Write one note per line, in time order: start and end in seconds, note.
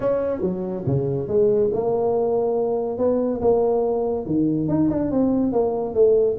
0.00 0.41 C#4
0.41 0.83 F#3
0.86 1.27 C#3
1.27 1.70 G#3
1.72 2.98 A#3
2.98 3.40 B3
3.41 4.26 A#3
4.26 4.68 D#3
4.68 4.89 D#4
4.90 5.11 D4
5.11 5.52 C4
5.52 5.94 A#3
5.94 6.37 A3